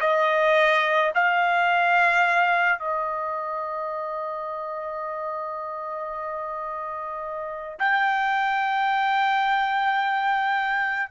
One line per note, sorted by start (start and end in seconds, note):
0.00 1.11 D#5
1.15 2.78 F5
2.78 7.78 D#5
7.79 11.10 G5